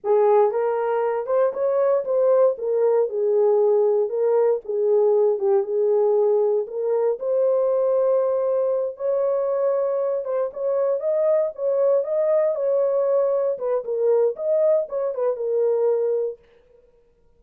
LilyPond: \new Staff \with { instrumentName = "horn" } { \time 4/4 \tempo 4 = 117 gis'4 ais'4. c''8 cis''4 | c''4 ais'4 gis'2 | ais'4 gis'4. g'8 gis'4~ | gis'4 ais'4 c''2~ |
c''4. cis''2~ cis''8 | c''8 cis''4 dis''4 cis''4 dis''8~ | dis''8 cis''2 b'8 ais'4 | dis''4 cis''8 b'8 ais'2 | }